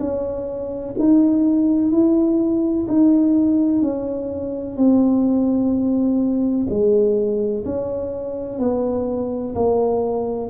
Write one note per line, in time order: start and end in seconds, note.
0.00 0.95 C#4
0.99 1.92 D#4
1.92 2.87 E4
2.88 3.82 D#4
3.82 4.77 C#4
4.77 6.68 C4
6.70 7.65 G#3
7.65 8.59 C#4
8.59 9.55 B3
9.55 10.50 A#3